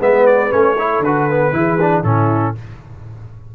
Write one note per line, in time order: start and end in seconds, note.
0.00 0.52 G#3
0.00 0.51 B3
0.00 0.77 B4
0.00 0.26 E5
0.26 0.52 D5
0.51 0.99 A3
0.51 0.76 C#4
0.51 1.03 C#5
0.77 1.04 E4
0.77 1.54 A4
0.99 1.51 D3
0.99 2.03 B4
1.06 1.30 F#4
1.30 1.53 B3
1.53 2.03 E3
1.53 1.79 E4
1.53 2.04 G#4
1.81 2.04 D4
2.03 2.55 A2
2.03 2.55 C#4
2.03 2.55 E4
2.03 2.55 A4